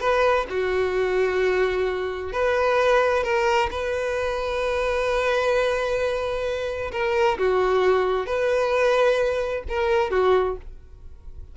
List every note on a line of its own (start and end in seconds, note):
0.00 0.46 B4
0.49 2.32 F#4
2.32 3.23 B4
3.23 3.69 A#4
3.71 6.91 B4
6.92 7.37 A#4
7.38 8.26 F#4
8.26 9.63 B4
9.68 10.11 A#4
10.11 10.56 F#4